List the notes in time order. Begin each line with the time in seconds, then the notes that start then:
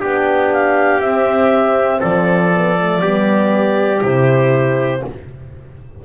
0.00 B3 D4 G4 G5
0.52 F5
1.01 C4 E5
2.00 F3 A4 D5
2.53 B3
2.79 A3
3.01 G3 B3 G4
4.01 C3 E4 C5